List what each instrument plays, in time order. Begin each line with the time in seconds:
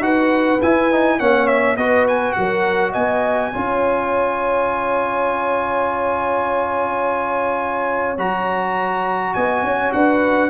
0.00 tuba D#4, trombone F#4, horn B4, trumpet F#5
0.62 tuba E4, trombone E4, trumpet G#5
0.92 trombone D#4
1.19 tuba A#3, trombone C#4, horn C#5, trumpet F#5
1.47 trumpet E5
1.77 tuba B3, trombone F#4, horn B4, trumpet D#5
2.08 trumpet G#5
2.33 tuba F#3, horn A#4, trumpet F#5
2.92 tuba B3, horn D#5, trumpet G#5
3.53 tuba C#4, trombone F4, horn C#5
8.18 tuba F#3, trombone F#4, trumpet A#5
9.34 tuba B3, horn D#5, trumpet G#5
9.63 tuba C#4, horn C#5
9.93 tuba D4, horn B4, trumpet F#5